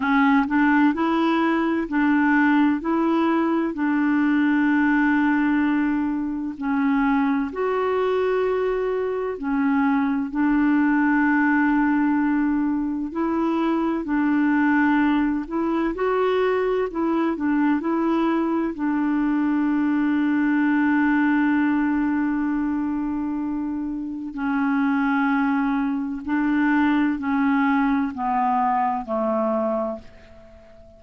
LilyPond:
\new Staff \with { instrumentName = "clarinet" } { \time 4/4 \tempo 4 = 64 cis'8 d'8 e'4 d'4 e'4 | d'2. cis'4 | fis'2 cis'4 d'4~ | d'2 e'4 d'4~ |
d'8 e'8 fis'4 e'8 d'8 e'4 | d'1~ | d'2 cis'2 | d'4 cis'4 b4 a4 | }